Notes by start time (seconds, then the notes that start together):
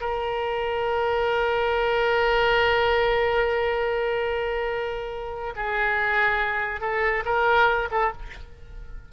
0.00 A#4
5.56 G#4
6.80 A4
7.25 A#4
7.91 A4